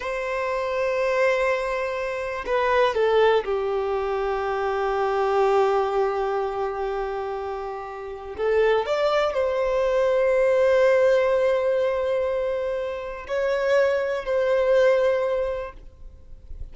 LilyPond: \new Staff \with { instrumentName = "violin" } { \time 4/4 \tempo 4 = 122 c''1~ | c''4 b'4 a'4 g'4~ | g'1~ | g'1~ |
g'4 a'4 d''4 c''4~ | c''1~ | c''2. cis''4~ | cis''4 c''2. | }